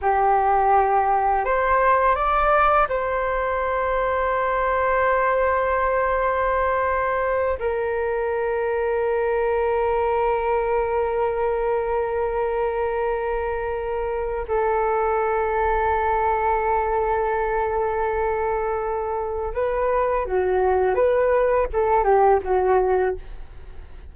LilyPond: \new Staff \with { instrumentName = "flute" } { \time 4/4 \tempo 4 = 83 g'2 c''4 d''4 | c''1~ | c''2~ c''8 ais'4.~ | ais'1~ |
ais'1 | a'1~ | a'2. b'4 | fis'4 b'4 a'8 g'8 fis'4 | }